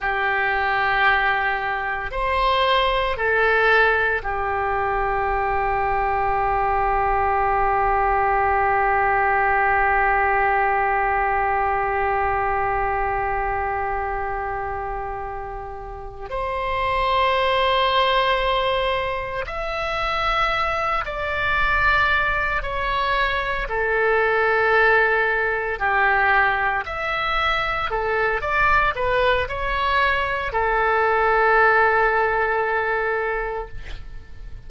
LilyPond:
\new Staff \with { instrumentName = "oboe" } { \time 4/4 \tempo 4 = 57 g'2 c''4 a'4 | g'1~ | g'1~ | g'2.~ g'8 c''8~ |
c''2~ c''8 e''4. | d''4. cis''4 a'4.~ | a'8 g'4 e''4 a'8 d''8 b'8 | cis''4 a'2. | }